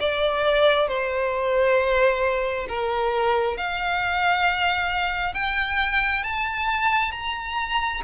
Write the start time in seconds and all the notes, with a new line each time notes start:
0.00 D5
0.88 C5
2.68 A#4
3.57 F5
5.34 G5
6.23 A5
7.11 A#5